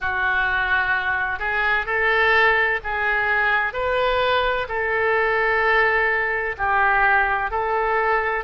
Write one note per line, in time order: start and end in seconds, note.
0.00 1.39 F#4
1.39 1.86 G#4
1.86 2.80 A4
2.83 3.73 G#4
3.73 4.67 B4
4.68 6.55 A4
6.57 7.50 G4
7.50 8.44 A4